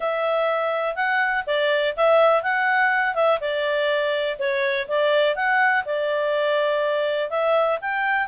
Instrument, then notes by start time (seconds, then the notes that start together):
clarinet
0.00 E5
0.95 F#5
1.46 D5
1.96 E5
2.42 F#5
3.15 E5
3.40 D5
4.38 C#5
4.88 D5
5.35 F#5
5.85 D5
7.30 E5
7.81 G5